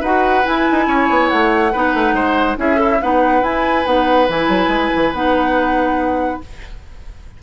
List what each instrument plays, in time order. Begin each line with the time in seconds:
0.00 bassoon D#4, clarinet F#4, oboe B4, flute F#5
0.43 clarinet E4, bassoon E4, flute G#5
0.72 bassoon D#4
0.87 bassoon C#4, oboe C#5
1.10 bassoon B3
1.29 bassoon A3, flute F#5
1.72 bassoon B3, clarinet D#4, oboe B4
1.94 bassoon A3
2.13 bassoon G#3, oboe C5
2.57 bassoon C#4, clarinet E4, oboe G#4, flute E5
2.75 oboe E4, clarinet A4
3.02 bassoon B3, clarinet D#4, oboe B4, flute F#5
3.42 bassoon E4, clarinet E4, flute G#5
3.85 bassoon B3, clarinet D#4, flute F#5
4.29 bassoon E3, clarinet E4, flute G#5
4.48 bassoon F#3
4.68 bassoon G#3
4.95 bassoon E3
5.13 bassoon B3, clarinet D#4, flute F#5